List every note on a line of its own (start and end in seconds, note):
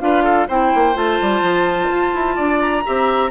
0.00 0.48 D4
0.00 0.47 F4
0.00 0.24 B4
0.00 0.48 F5
0.24 0.47 A4
0.48 0.73 C4
0.48 0.94 E4
0.48 2.36 C5
0.48 0.97 G5
0.75 0.96 A#3
0.94 1.19 A3
0.94 2.83 F4
0.94 2.61 A5
1.21 1.42 G3
1.42 1.89 F3
1.90 2.13 F4
2.14 2.38 E4
2.36 2.85 D4
2.36 2.83 D5
2.61 3.31 A#5
2.85 3.31 C4
2.85 3.31 G4
2.85 3.31 E5